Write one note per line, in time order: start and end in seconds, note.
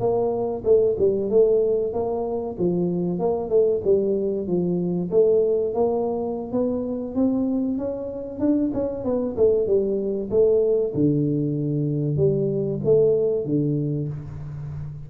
0.00 0.63 A#3
0.65 0.96 A3
0.99 1.30 G3
1.30 1.93 A3
1.93 2.57 A#3
2.59 3.19 F3
3.19 3.50 A#3
3.50 3.82 A3
3.84 4.48 G3
4.48 5.11 F3
5.11 5.74 A3
5.74 6.52 A#3
6.52 7.15 B3
7.15 7.78 C4
7.78 8.39 C#4
8.39 8.71 D4
8.74 9.05 C#4
9.05 9.36 B3
9.37 9.67 A3
9.67 10.30 G3
10.30 10.93 A3
10.94 12.17 D3
12.17 12.80 G3
12.85 13.45 A3
13.45 14.08 D3